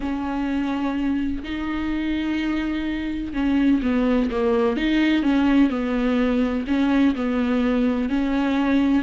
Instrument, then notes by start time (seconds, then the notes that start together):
viola
0.00 C#4
1.43 D#4
3.33 C#4
3.82 B3
4.31 A#3
4.76 D#4
5.22 C#4
5.70 B3
6.67 C#4
7.15 B3
8.09 C#4